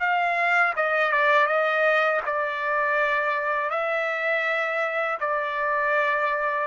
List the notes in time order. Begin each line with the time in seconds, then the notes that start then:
0.00 F5
0.76 D#5
1.12 D5
1.46 D#5
2.26 D5
3.70 E5
5.20 D5